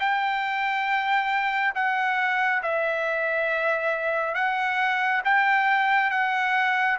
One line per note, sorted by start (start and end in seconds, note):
0.00 1.74 G5
1.75 2.62 F#5
2.63 4.35 E5
4.35 5.22 F#5
5.25 6.11 G5
6.11 6.98 F#5